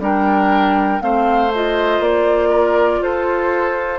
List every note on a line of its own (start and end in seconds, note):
0.00 1.00 G3
0.00 1.01 D4
0.00 1.03 A#4
0.00 1.02 G5
1.01 2.00 A3
1.01 1.51 C4
1.01 2.50 C5
1.01 1.52 F5
1.55 3.99 F4
1.55 2.03 D#5
2.00 3.00 A#3
2.00 3.03 D5
2.50 3.00 A#4
3.01 3.99 F4
3.01 3.99 A4
3.01 3.99 C5